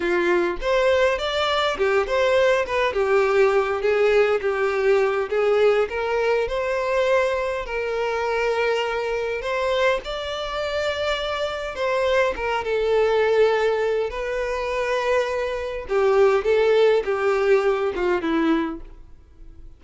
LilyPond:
\new Staff \with { instrumentName = "violin" } { \time 4/4 \tempo 4 = 102 f'4 c''4 d''4 g'8 c''8~ | c''8 b'8 g'4. gis'4 g'8~ | g'4 gis'4 ais'4 c''4~ | c''4 ais'2. |
c''4 d''2. | c''4 ais'8 a'2~ a'8 | b'2. g'4 | a'4 g'4. f'8 e'4 | }